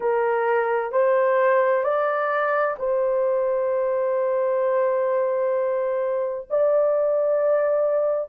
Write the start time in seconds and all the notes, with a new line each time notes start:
0.00 A#4
0.92 C5
1.83 D5
2.78 C5
6.50 D5